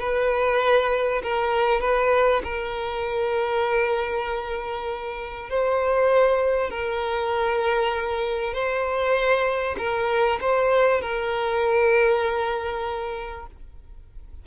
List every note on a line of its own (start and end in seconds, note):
0.00 1.22 B4
1.23 1.81 A#4
1.81 2.42 B4
2.44 5.50 A#4
5.50 6.71 C5
6.71 8.54 A#4
8.54 9.77 C5
9.79 10.40 A#4
10.41 11.02 C5
11.02 13.47 A#4